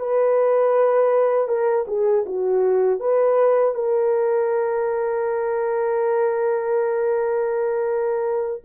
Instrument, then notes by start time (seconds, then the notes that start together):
horn
0.00 B4
1.48 A#4
1.88 G#4
2.26 F#4
3.00 B4
3.75 A#4